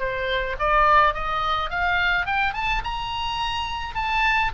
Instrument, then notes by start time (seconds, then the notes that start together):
oboe
0.00 C5
0.60 D5
1.15 D#5
1.70 F5
2.26 G5
2.54 A5
2.84 A#5
3.95 A5